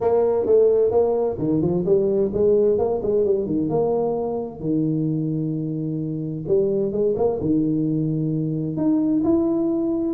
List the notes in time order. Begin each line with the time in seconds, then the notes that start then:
0.00 A#3
0.46 A3
0.91 A#3
1.38 D#3
1.61 F3
1.85 G3
2.33 G#3
2.78 A#3
3.02 G#3
3.24 G3
3.46 D#3
3.69 A#3
4.60 D#3
6.47 G3
6.91 G#3
7.16 A#3
7.40 D#3
8.77 D#4
9.24 E4